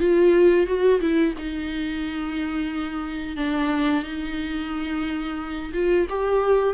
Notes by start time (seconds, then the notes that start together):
0.00 F4
0.67 F#4
1.01 E4
1.38 D#4
3.37 D4
4.04 D#4
5.74 F4
6.10 G4